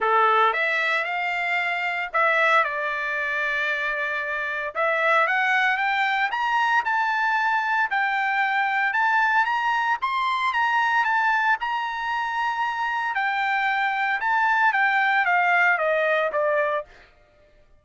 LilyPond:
\new Staff \with { instrumentName = "trumpet" } { \time 4/4 \tempo 4 = 114 a'4 e''4 f''2 | e''4 d''2.~ | d''4 e''4 fis''4 g''4 | ais''4 a''2 g''4~ |
g''4 a''4 ais''4 c'''4 | ais''4 a''4 ais''2~ | ais''4 g''2 a''4 | g''4 f''4 dis''4 d''4 | }